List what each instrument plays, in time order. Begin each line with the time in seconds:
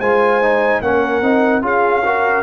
0.00 tuba G#3, trombone F4, horn C5, trumpet G#5
0.42 trombone D#4
0.82 tuba A#3, trombone C#4, horn A#4, trumpet F#5
1.21 tuba C4, trombone D#4
1.62 tuba C#4, trombone F4, horn G#4, trumpet F5
2.05 trombone F#4, horn A#4